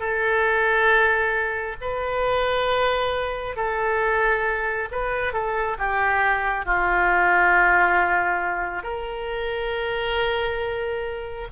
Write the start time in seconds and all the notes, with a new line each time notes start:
0.00 A4
1.81 B4
3.57 A4
4.92 B4
5.33 A4
5.78 G4
6.65 F4
8.83 A#4